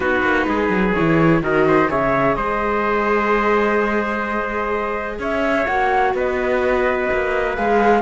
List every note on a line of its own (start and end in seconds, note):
0.00 0.22 B3
0.00 0.92 D#4
0.00 0.47 F#4
0.00 0.94 B4
0.22 0.46 A#3
0.47 0.69 G#3
0.47 1.42 G#4
0.69 0.93 F#3
0.94 1.41 E3
0.94 1.43 E4
0.94 1.41 C#5
1.41 1.88 D#3
1.41 1.88 F#4
1.41 1.66 A#4
1.41 1.90 D#5
1.67 1.89 C5
1.88 2.36 C#3
1.88 5.66 G#4
1.88 2.36 C#5
1.88 2.35 E5
2.35 5.18 G#3
2.35 5.19 C5
2.35 5.18 D#5
5.18 5.66 C#4
5.18 6.14 C#5
5.18 5.66 E5
5.66 6.14 A#3
5.66 7.56 F#4
5.66 6.13 F#5
6.14 7.08 B3
6.14 8.01 B4
6.14 7.55 D#5
7.12 7.57 A#3
7.55 8.01 G#3
7.55 8.01 G#4
7.55 8.01 F5